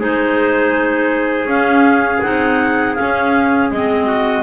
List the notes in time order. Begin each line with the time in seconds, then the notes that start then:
0.00 G#3 D#4 G#4 C5
1.46 C#4 F5
2.22 C4 D#4 F#5
2.95 C#4 F5
3.71 G#3 C4 D#5
4.07 F#4